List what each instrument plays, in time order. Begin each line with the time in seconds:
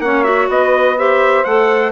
0.00 bassoon A#3, clarinet C#4, saxophone C#5, trumpet F#5
0.24 clarinet F#4, trumpet E5
0.49 bassoon B3, saxophone B4, trumpet D#5
0.98 clarinet G4, saxophone C5, trumpet E5
1.44 bassoon A3, clarinet A4, trumpet F#5